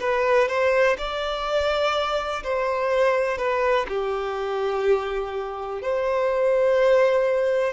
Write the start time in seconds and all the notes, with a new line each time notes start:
0.00 B4
0.48 C5
0.98 D5
2.44 C5
3.38 B4
3.88 G4
5.82 C5